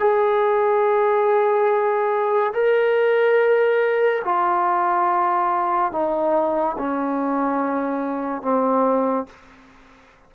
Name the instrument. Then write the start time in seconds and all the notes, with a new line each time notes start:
trombone
0.00 G#4
2.54 A#4
4.25 F4
5.93 D#4
6.78 C#4
8.42 C4